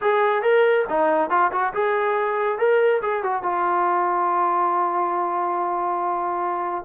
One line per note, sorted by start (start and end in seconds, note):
0.01 0.42 G#4
0.42 0.85 A#4
0.89 1.30 D#4
1.30 1.51 F4
1.51 1.73 F#4
1.73 2.58 G#4
2.58 3.01 A#4
3.02 3.23 G#4
3.23 3.42 F#4
3.42 6.85 F4